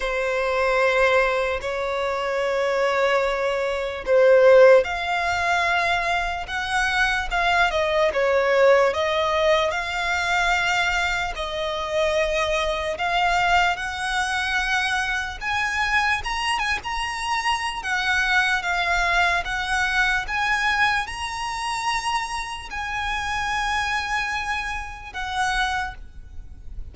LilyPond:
\new Staff \with { instrumentName = "violin" } { \time 4/4 \tempo 4 = 74 c''2 cis''2~ | cis''4 c''4 f''2 | fis''4 f''8 dis''8 cis''4 dis''4 | f''2 dis''2 |
f''4 fis''2 gis''4 | ais''8 gis''16 ais''4~ ais''16 fis''4 f''4 | fis''4 gis''4 ais''2 | gis''2. fis''4 | }